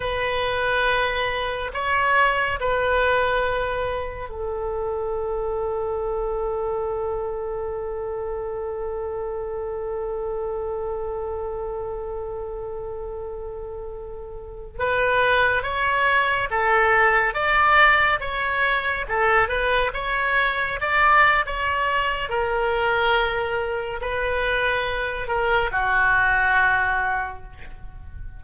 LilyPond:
\new Staff \with { instrumentName = "oboe" } { \time 4/4 \tempo 4 = 70 b'2 cis''4 b'4~ | b'4 a'2.~ | a'1~ | a'1~ |
a'4~ a'16 b'4 cis''4 a'8.~ | a'16 d''4 cis''4 a'8 b'8 cis''8.~ | cis''16 d''8. cis''4 ais'2 | b'4. ais'8 fis'2 | }